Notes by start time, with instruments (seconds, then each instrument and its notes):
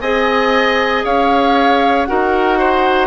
0.00 bassoon C4, clarinet G#4, oboe D#5, flute G#5
1.04 bassoon C#4, oboe C#5, flute F5
2.05 bassoon D#4, clarinet F#4, oboe A#4, flute F#5
2.58 oboe C5